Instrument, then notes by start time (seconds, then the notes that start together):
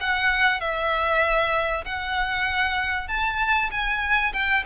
violin
0.00 F#5
0.60 E5
1.85 F#5
3.08 A5
3.71 G#5
4.33 G5